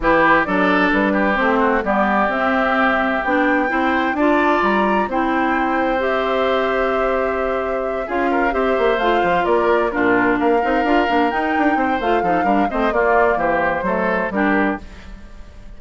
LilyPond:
<<
  \new Staff \with { instrumentName = "flute" } { \time 4/4 \tempo 4 = 130 b'4 d''4 b'4 c''4 | d''4 e''2 g''4~ | g''4 a''4 ais''4 g''4~ | g''4 e''2.~ |
e''4. f''4 e''4 f''8~ | f''8 d''4 ais'4 f''4.~ | f''8 g''4. f''4. dis''8 | d''4 c''2 ais'4 | }
  \new Staff \with { instrumentName = "oboe" } { \time 4/4 g'4 a'4. g'4 fis'8 | g'1 | c''4 d''2 c''4~ | c''1~ |
c''4. gis'8 ais'8 c''4.~ | c''8 ais'4 f'4 ais'4.~ | ais'4. c''4 a'8 ais'8 c''8 | f'4 g'4 a'4 g'4 | }
  \new Staff \with { instrumentName = "clarinet" } { \time 4/4 e'4 d'2 c'4 | b4 c'2 d'4 | e'4 f'2 e'4~ | e'4 g'2.~ |
g'4. f'4 g'4 f'8~ | f'4. d'4. dis'8 f'8 | d'8 dis'4. f'8 dis'8 d'8 c'8 | ais2 a4 d'4 | }
  \new Staff \with { instrumentName = "bassoon" } { \time 4/4 e4 fis4 g4 a4 | g4 c'2 b4 | c'4 d'4 g4 c'4~ | c'1~ |
c'4. cis'4 c'8 ais8 a8 | f8 ais4 ais,4 ais8 c'8 d'8 | ais8 dis'8 d'8 c'8 a8 f8 g8 a8 | ais4 e4 fis4 g4 | }
>>